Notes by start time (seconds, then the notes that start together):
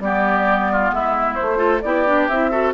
0.00 G3 B3 G4 D5
0.72 F4
0.91 G#3 E4 E5
1.35 A3 C5
1.42 A3
1.57 F4 A4
1.82 B3 E4 G4 D5
2.07 D4
2.28 C4 E4 E5
2.51 F#4 A4